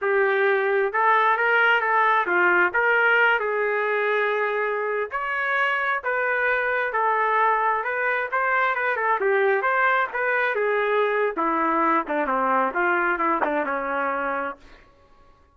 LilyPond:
\new Staff \with { instrumentName = "trumpet" } { \time 4/4 \tempo 4 = 132 g'2 a'4 ais'4 | a'4 f'4 ais'4. gis'8~ | gis'2.~ gis'16 cis''8.~ | cis''4~ cis''16 b'2 a'8.~ |
a'4~ a'16 b'4 c''4 b'8 a'16~ | a'16 g'4 c''4 b'4 gis'8.~ | gis'4 e'4. d'8 c'4 | f'4 e'8 d'8 cis'2 | }